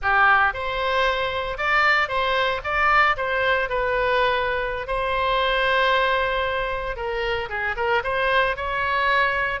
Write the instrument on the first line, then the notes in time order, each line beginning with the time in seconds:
oboe
0.02 G4
0.53 C5
1.57 D5
2.08 C5
2.63 D5
3.17 C5
3.69 B4
4.87 C5
6.96 A#4
7.49 G#4
7.76 A#4
8.03 C5
8.56 C#5